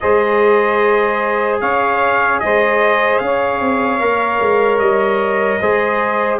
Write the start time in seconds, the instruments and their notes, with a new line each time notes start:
0.00 tuba G#3, trombone G#4, saxophone C5, trumpet D#5
1.60 tuba C#4, saxophone C#5, trumpet F5
2.39 tuba G#3, saxophone C5, trumpet D#5
3.18 tuba C#4, trumpet F5
3.24 saxophone C#5
3.60 tuba C4
4.00 tuba A#3, trombone A#4
4.40 tuba G#3
4.78 tuba G3, trumpet D#5
5.60 tuba G#3, trombone G#4, saxophone C5